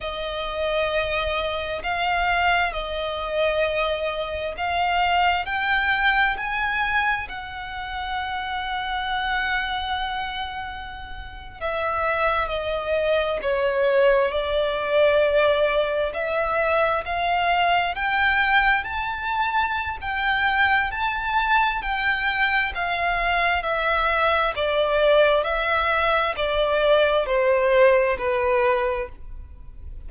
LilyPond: \new Staff \with { instrumentName = "violin" } { \time 4/4 \tempo 4 = 66 dis''2 f''4 dis''4~ | dis''4 f''4 g''4 gis''4 | fis''1~ | fis''8. e''4 dis''4 cis''4 d''16~ |
d''4.~ d''16 e''4 f''4 g''16~ | g''8. a''4~ a''16 g''4 a''4 | g''4 f''4 e''4 d''4 | e''4 d''4 c''4 b'4 | }